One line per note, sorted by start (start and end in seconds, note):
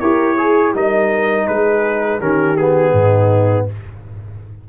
0.00 0.75 E4
0.00 0.38 G4
0.00 0.35 A#4
0.00 0.73 C#5
0.35 0.72 G#4
0.35 0.75 G#4
0.75 1.48 G3
0.75 2.21 D#4
0.75 1.47 A#4
0.75 1.47 D#5
1.47 2.21 G#3
1.47 2.19 G#4
1.47 2.20 B4
2.19 2.93 D#3
2.19 2.57 C#4
2.19 2.92 G4
2.19 2.57 A#4
2.57 3.69 B3
2.57 3.67 G#4
2.92 3.66 G#2
2.92 3.65 D#4